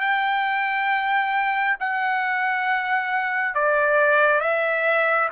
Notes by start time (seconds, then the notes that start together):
0.00 G5
1.80 F#5
3.54 D5
4.40 E5